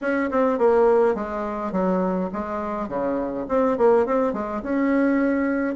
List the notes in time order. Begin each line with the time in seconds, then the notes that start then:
0.01 C#4
0.30 C4
0.58 A#3
1.14 G#3
1.72 F#3
2.32 G#3
2.88 C#3
3.48 C4
3.77 A#3
4.06 C4
4.33 G#3
4.62 C#4